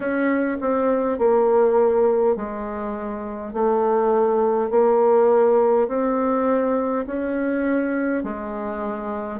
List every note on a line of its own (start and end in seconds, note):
0.00 0.57 C#4
0.60 1.18 C4
1.18 2.36 A#3
2.36 3.53 G#3
3.53 4.70 A3
4.70 5.88 A#3
5.88 7.05 C4
7.06 8.23 C#4
8.23 9.40 G#3